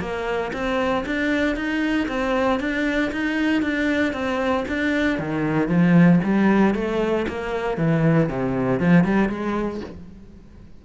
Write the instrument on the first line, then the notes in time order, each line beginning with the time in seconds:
cello
0.00 A#3
0.53 C4
1.06 D4
1.56 D#4
2.08 C4
2.60 D4
3.12 D#4
3.62 D4
4.13 C4
4.68 D4
5.18 D#3
5.68 F3
6.24 G3
6.74 A3
7.28 A#3
7.78 E3
8.29 C3
8.80 F3
9.04 G3
9.29 G#3